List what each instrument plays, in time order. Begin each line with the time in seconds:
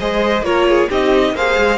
0.00 cello G#3, viola G#4, violin C5 D#5
0.42 cello A#3, viola F4, violin A#4 C#5
0.69 violin G#4
0.90 cello C4, viola D#4, violin G4 D#5
1.34 cello A#3, viola G#4, violin C5 F5
1.58 cello G#3